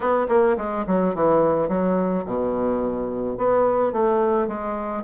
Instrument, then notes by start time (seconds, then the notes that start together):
bassoon
0.00 B3
0.28 A#3
0.57 G#3
0.86 F#3
1.14 E3
1.68 F#3
2.25 B2
3.37 B3
3.92 A3
4.47 G#3